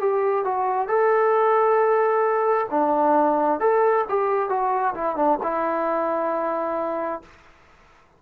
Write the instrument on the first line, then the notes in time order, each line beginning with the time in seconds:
trombone
0.00 G4
0.45 F#4
0.88 A4
2.71 D4
3.60 A4
4.09 G4
4.50 F#4
4.95 E4
5.17 D4
5.43 E4